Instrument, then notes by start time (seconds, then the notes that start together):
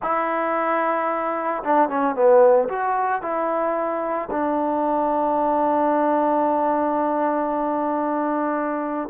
trombone
0.02 E4
1.63 D4
1.89 C#4
2.15 B3
2.68 F#4
3.21 E4
4.30 D4